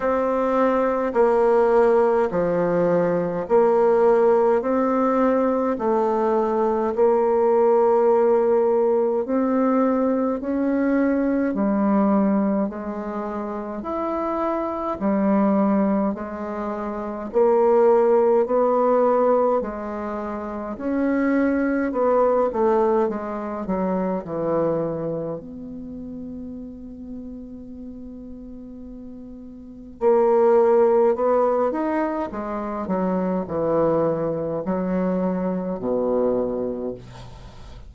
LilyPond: \new Staff \with { instrumentName = "bassoon" } { \time 4/4 \tempo 4 = 52 c'4 ais4 f4 ais4 | c'4 a4 ais2 | c'4 cis'4 g4 gis4 | e'4 g4 gis4 ais4 |
b4 gis4 cis'4 b8 a8 | gis8 fis8 e4 b2~ | b2 ais4 b8 dis'8 | gis8 fis8 e4 fis4 b,4 | }